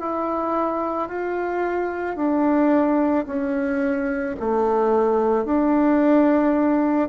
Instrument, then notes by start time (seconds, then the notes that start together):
bassoon
0.00 E4
1.09 F4
2.16 D4
3.27 C#4
4.40 A3
5.45 D4